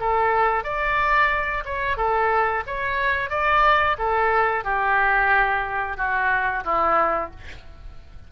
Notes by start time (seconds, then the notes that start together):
0.00 A4
0.64 D5
1.65 C#5
1.97 A4
2.66 C#5
3.30 D5
3.98 A4
4.64 G4
5.97 F#4
6.64 E4